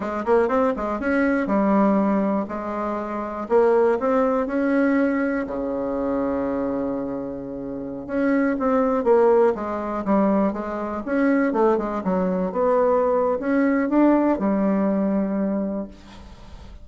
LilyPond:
\new Staff \with { instrumentName = "bassoon" } { \time 4/4 \tempo 4 = 121 gis8 ais8 c'8 gis8 cis'4 g4~ | g4 gis2 ais4 | c'4 cis'2 cis4~ | cis1~ |
cis16 cis'4 c'4 ais4 gis8.~ | gis16 g4 gis4 cis'4 a8 gis16~ | gis16 fis4 b4.~ b16 cis'4 | d'4 g2. | }